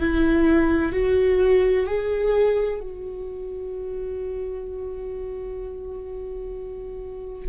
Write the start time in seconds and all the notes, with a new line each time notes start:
0.00 E4
0.92 F#4
1.87 G#4
2.80 F#4